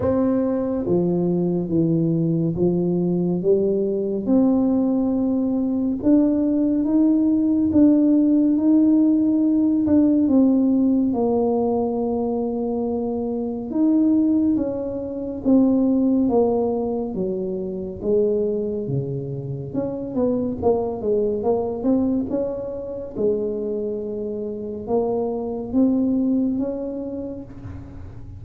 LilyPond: \new Staff \with { instrumentName = "tuba" } { \time 4/4 \tempo 4 = 70 c'4 f4 e4 f4 | g4 c'2 d'4 | dis'4 d'4 dis'4. d'8 | c'4 ais2. |
dis'4 cis'4 c'4 ais4 | fis4 gis4 cis4 cis'8 b8 | ais8 gis8 ais8 c'8 cis'4 gis4~ | gis4 ais4 c'4 cis'4 | }